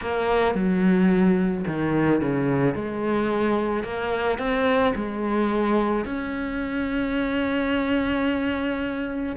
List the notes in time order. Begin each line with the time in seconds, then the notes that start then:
0.01 A#3
0.55 F#3
1.67 D#3
2.21 C#3
2.74 G#3
3.83 A#3
4.38 C4
4.95 G#3
6.05 C#4